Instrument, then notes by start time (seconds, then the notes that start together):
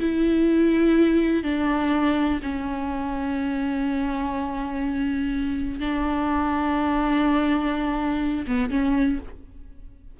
viola
0.00 E4
1.43 D4
2.42 C#4
5.80 D4
8.47 B3
8.70 C#4